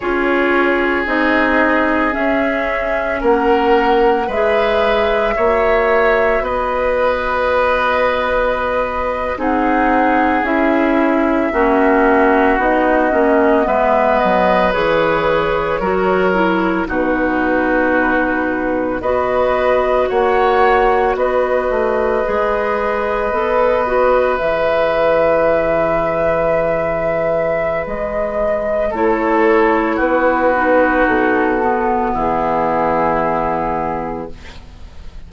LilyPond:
<<
  \new Staff \with { instrumentName = "flute" } { \time 4/4 \tempo 4 = 56 cis''4 dis''4 e''4 fis''4 | e''2 dis''2~ | dis''8. fis''4 e''2 dis''16~ | dis''8. e''8 dis''8 cis''2 b'16~ |
b'4.~ b'16 dis''4 fis''4 dis''16~ | dis''2~ dis''8. e''4~ e''16~ | e''2 dis''4 cis''4 | b'4 a'4 gis'2 | }
  \new Staff \with { instrumentName = "oboe" } { \time 4/4 gis'2. ais'4 | b'4 cis''4 b'2~ | b'8. gis'2 fis'4~ fis'16~ | fis'8. b'2 ais'4 fis'16~ |
fis'4.~ fis'16 b'4 cis''4 b'16~ | b'1~ | b'2. a'4 | fis'2 e'2 | }
  \new Staff \with { instrumentName = "clarinet" } { \time 4/4 f'4 dis'4 cis'2 | gis'4 fis'2.~ | fis'8. dis'4 e'4 cis'4 dis'16~ | dis'16 cis'8 b4 gis'4 fis'8 e'8 dis'16~ |
dis'4.~ dis'16 fis'2~ fis'16~ | fis'8. gis'4 a'8 fis'8 gis'4~ gis'16~ | gis'2. e'4~ | e'8 dis'4 b2~ b8 | }
  \new Staff \with { instrumentName = "bassoon" } { \time 4/4 cis'4 c'4 cis'4 ais4 | gis4 ais4 b2~ | b8. c'4 cis'4 ais4 b16~ | b16 ais8 gis8 fis8 e4 fis4 b,16~ |
b,4.~ b,16 b4 ais4 b16~ | b16 a8 gis4 b4 e4~ e16~ | e2 gis4 a4 | b4 b,4 e2 | }
>>